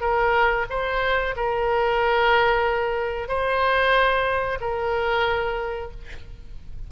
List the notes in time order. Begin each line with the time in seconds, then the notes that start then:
0.00 A#4
0.69 C5
1.36 A#4
3.28 C5
4.60 A#4